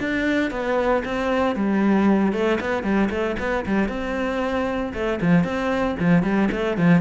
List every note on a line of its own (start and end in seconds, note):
0.00 0.51 D4
0.51 1.03 B3
1.05 1.56 C4
1.56 2.33 G3
2.33 2.59 A3
2.61 2.84 B3
2.84 3.10 G3
3.10 3.36 A3
3.40 3.66 B3
3.66 3.89 G3
3.89 4.93 C4
4.94 5.20 A3
5.22 5.44 F3
5.44 5.96 C4
6.00 6.23 F3
6.23 6.49 G3
6.52 6.78 A3
6.78 7.02 F3